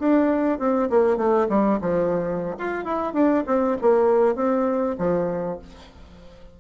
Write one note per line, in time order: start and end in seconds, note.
0.00 0.59 D4
0.59 0.90 C4
0.90 1.18 A#3
1.18 1.48 A3
1.50 1.80 G3
1.82 2.57 F3
2.59 2.85 F4
2.85 3.14 E4
3.14 3.44 D4
3.47 3.77 C4
3.82 4.36 A#3
4.36 4.97 C4
4.99 5.59 F3